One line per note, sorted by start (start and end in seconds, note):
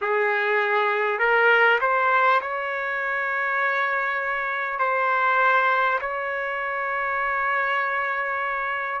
0.01 1.19 G#4
1.19 1.79 A#4
1.80 2.40 C5
2.41 4.79 C#5
4.79 5.99 C5
6.00 9.00 C#5